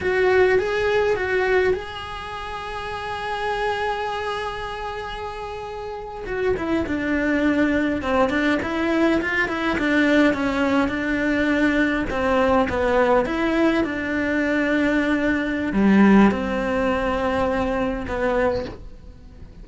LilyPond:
\new Staff \with { instrumentName = "cello" } { \time 4/4 \tempo 4 = 103 fis'4 gis'4 fis'4 gis'4~ | gis'1~ | gis'2~ gis'8. fis'8 e'8 d'16~ | d'4.~ d'16 c'8 d'8 e'4 f'16~ |
f'16 e'8 d'4 cis'4 d'4~ d'16~ | d'8. c'4 b4 e'4 d'16~ | d'2. g4 | c'2. b4 | }